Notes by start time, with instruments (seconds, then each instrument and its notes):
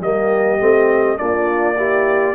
0.00 tuba G3, trombone A#3, horn G4, trumpet D#5
0.58 tuba A3, trombone C4
1.17 tuba A#3, trombone D4, horn F4, trumpet D5
1.76 trombone E4, horn G4